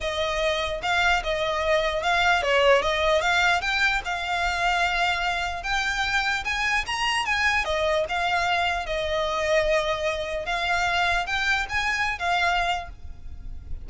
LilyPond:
\new Staff \with { instrumentName = "violin" } { \time 4/4 \tempo 4 = 149 dis''2 f''4 dis''4~ | dis''4 f''4 cis''4 dis''4 | f''4 g''4 f''2~ | f''2 g''2 |
gis''4 ais''4 gis''4 dis''4 | f''2 dis''2~ | dis''2 f''2 | g''4 gis''4~ gis''16 f''4.~ f''16 | }